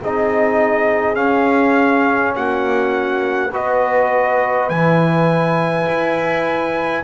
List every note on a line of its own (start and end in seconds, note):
0.00 1.18 C4
0.00 1.14 D#4
0.00 2.35 G#4
0.00 1.15 D#5
1.14 3.50 C#4
1.14 2.36 C#4
1.14 2.33 F5
2.36 3.52 A#3
2.36 3.50 F#4
2.36 3.53 F#5
3.50 4.70 B3
3.50 4.70 F#4
3.50 7.03 B4
3.50 4.69 D#5
4.69 5.87 E3
4.69 7.03 E4
4.69 7.03 G#5
5.89 7.03 E4